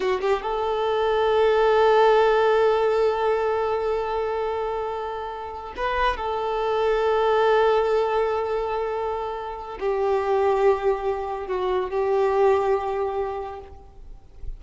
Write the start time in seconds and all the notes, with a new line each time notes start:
0.00 F#4
0.20 G4
0.41 A4
5.76 B4
6.16 A4
9.79 G4
11.47 F#4
11.90 G4